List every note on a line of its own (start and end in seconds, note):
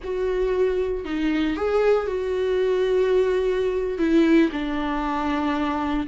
0.03 1.04 F#4
1.04 1.56 D#4
1.56 2.06 G#4
2.06 3.98 F#4
3.98 4.50 E4
4.52 6.07 D4